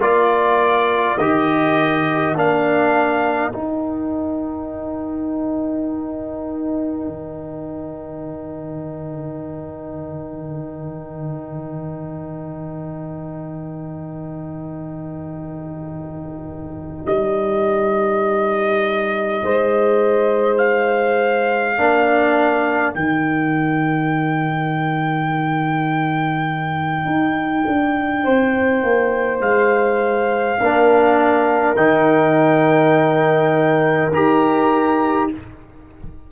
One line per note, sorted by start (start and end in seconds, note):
0.00 1.18 A#3
0.00 1.18 F4
0.00 19.42 A#4
0.00 1.18 D5
1.18 2.35 D#3
1.18 2.36 G4
1.18 2.36 D#5
2.35 3.53 A#3
2.35 3.53 D4
2.35 3.52 F5
3.52 7.07 D#4
3.52 21.78 D#4
3.52 17.05 G5
7.07 17.07 D#3
17.06 19.42 G3
17.06 20.58 D#5
19.44 21.78 G#3
19.44 21.78 C5
20.58 22.93 F5
21.78 22.96 A#3
21.78 22.95 D4
21.78 28.24 A#4
22.94 27.06 D#3
22.94 30.60 D#4
22.94 29.41 G5
27.06 27.64 D#4
27.67 28.26 D4
28.24 28.83 C4
28.24 30.59 C5
28.83 29.40 A#3
29.40 30.58 G#3
29.40 31.76 F5
30.61 31.77 A#3
30.61 31.76 D4
30.61 35.32 A#4
31.76 34.12 D#3
31.76 34.12 D#4
31.76 34.12 G5
34.12 35.30 D#4
34.12 35.32 G4
34.12 35.31 A#5